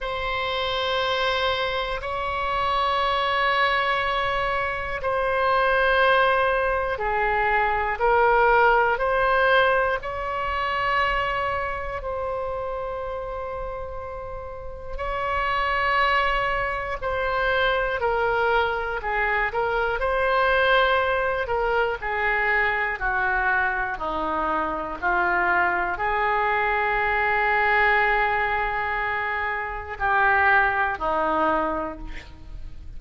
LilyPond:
\new Staff \with { instrumentName = "oboe" } { \time 4/4 \tempo 4 = 60 c''2 cis''2~ | cis''4 c''2 gis'4 | ais'4 c''4 cis''2 | c''2. cis''4~ |
cis''4 c''4 ais'4 gis'8 ais'8 | c''4. ais'8 gis'4 fis'4 | dis'4 f'4 gis'2~ | gis'2 g'4 dis'4 | }